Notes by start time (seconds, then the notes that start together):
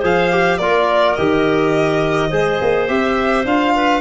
0.00 F3 G#4 C5 F5
0.31 G4
0.57 A#3 F4 A#4 D5
1.15 D#3 G4 D#5
2.30 G#3 G#4 C5
2.61 A#3
2.88 C4 G4 E5
3.45 D4 F4 F5
3.75 B4